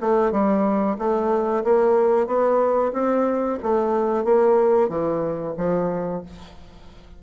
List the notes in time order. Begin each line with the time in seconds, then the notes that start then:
0.00 A3
0.31 G3
0.98 A3
1.64 A#3
2.26 B3
2.93 C4
3.62 A3
4.24 A#3
4.89 E3
5.57 F3